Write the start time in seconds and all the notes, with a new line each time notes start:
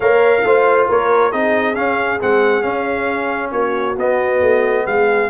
0.00 A#3 A#4 C#5 F5
0.43 A3 F4 C5
0.88 A#3 A#4 C#5
1.30 C4 D#4 G#4 D#5
1.75 C#4 F5
2.19 G#3 C4 F#5
2.62 C#4 F5
3.51 A#3 F#4 C#5
3.96 B3 D#5
4.41 A3
4.86 G#3 G#4 F5